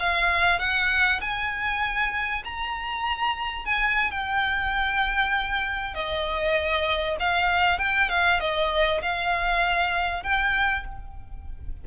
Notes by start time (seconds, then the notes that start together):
0.00 F5
0.60 F#5
1.21 G#5
2.45 A#5
3.66 G#5
4.11 G5
5.94 D#5
7.20 F5
7.79 G5
8.10 F5
8.40 D#5
9.02 F5
10.24 G5